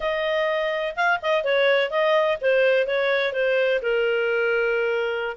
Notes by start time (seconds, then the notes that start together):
0.00 D#5
0.96 F5
1.21 D#5
1.44 C#5
1.90 D#5
2.41 C5
2.86 C#5
3.32 C5
3.82 A#4